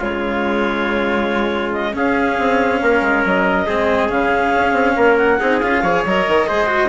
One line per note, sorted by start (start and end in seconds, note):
0.00 1.95 C#3
0.00 1.94 G#3
0.00 1.94 F4
0.00 1.73 C#5
1.73 1.95 D#5
1.94 3.66 C#4
1.94 2.38 C#4
1.94 2.82 G#4
1.94 3.26 F5
2.39 2.82 C4
2.82 3.02 A#3
2.82 3.66 A#4
3.02 3.23 G#3
3.25 3.67 F#3
3.25 4.10 D#5
3.66 4.11 G#3
3.66 4.09 C4
3.66 4.96 G#4
4.09 4.54 C#3
4.09 5.39 C#4
4.09 5.17 F5
4.56 4.73 C#4
4.73 4.95 C4
4.96 5.40 A#3
4.96 5.40 A#4
5.17 5.60 F#5
5.40 5.63 C4
5.40 5.62 D#4
5.40 5.83 G#4
5.60 5.83 C#4
5.60 5.85 F4
5.60 6.04 F5
5.83 6.04 F3
5.83 6.07 G#4
5.83 6.47 C#5
6.05 6.27 F#3
6.05 6.47 A#4
6.05 6.90 D#5
6.27 6.49 D#3
6.47 6.90 G#3
6.47 6.67 G#4
6.47 6.90 C5
6.67 6.89 F#4